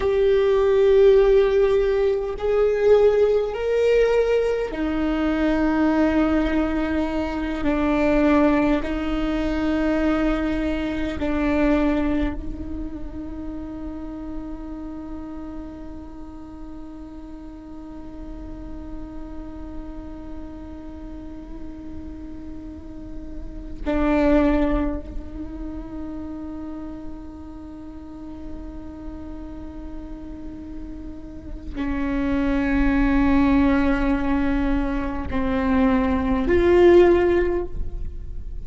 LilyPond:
\new Staff \with { instrumentName = "viola" } { \time 4/4 \tempo 4 = 51 g'2 gis'4 ais'4 | dis'2~ dis'8 d'4 dis'8~ | dis'4. d'4 dis'4.~ | dis'1~ |
dis'1~ | dis'16 d'4 dis'2~ dis'8.~ | dis'2. cis'4~ | cis'2 c'4 f'4 | }